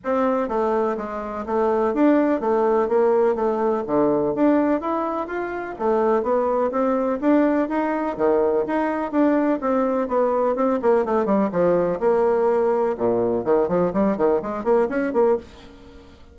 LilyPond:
\new Staff \with { instrumentName = "bassoon" } { \time 4/4 \tempo 4 = 125 c'4 a4 gis4 a4 | d'4 a4 ais4 a4 | d4 d'4 e'4 f'4 | a4 b4 c'4 d'4 |
dis'4 dis4 dis'4 d'4 | c'4 b4 c'8 ais8 a8 g8 | f4 ais2 ais,4 | dis8 f8 g8 dis8 gis8 ais8 cis'8 ais8 | }